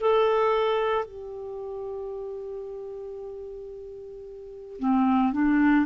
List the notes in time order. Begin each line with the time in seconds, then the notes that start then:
0.00 A4
1.05 G4
4.79 C4
5.32 D4